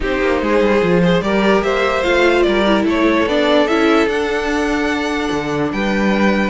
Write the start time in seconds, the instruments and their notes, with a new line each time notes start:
0.00 cello C4, viola D#4, violin G4 C5
0.21 cello A#3
0.41 cello G#3, violin G#4
0.60 cello G3
0.82 cello F3, viola F4
1.02 viola G#4, violin C5
1.21 cello G3, viola G4, violin A#4 D5
1.62 cello A#3, violin C5 E5
2.03 cello A3, viola F4, violin F5
2.42 cello G3, violin A#4 D5
2.66 viola E4
2.85 cello A3, violin A4 C#5
3.26 cello B3, viola D4, violin D5
3.67 cello C#4, viola E4, violin E5
4.06 cello D4, viola D4, violin F#5
5.31 cello D3
5.72 cello G3, violin B4 G5